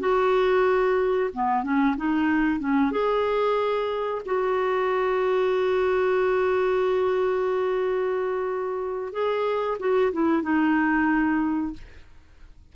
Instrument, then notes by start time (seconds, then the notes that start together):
clarinet
0.00 F#4
1.34 B3
1.64 C#4
1.97 D#4
2.60 C#4
2.92 G#4
4.26 F#4
9.13 G#4
9.80 F#4
10.13 E4
10.43 D#4